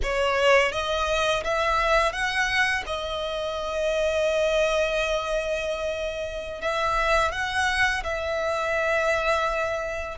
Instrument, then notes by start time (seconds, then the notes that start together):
violin
0.02 C#5
0.71 D#5
1.44 E5
2.12 F#5
2.86 D#5
6.61 E5
7.31 F#5
8.03 E5